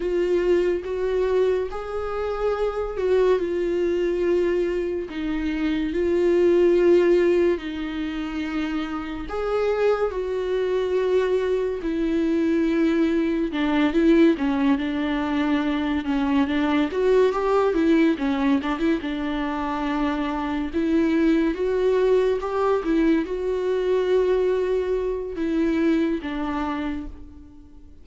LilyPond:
\new Staff \with { instrumentName = "viola" } { \time 4/4 \tempo 4 = 71 f'4 fis'4 gis'4. fis'8 | f'2 dis'4 f'4~ | f'4 dis'2 gis'4 | fis'2 e'2 |
d'8 e'8 cis'8 d'4. cis'8 d'8 | fis'8 g'8 e'8 cis'8 d'16 e'16 d'4.~ | d'8 e'4 fis'4 g'8 e'8 fis'8~ | fis'2 e'4 d'4 | }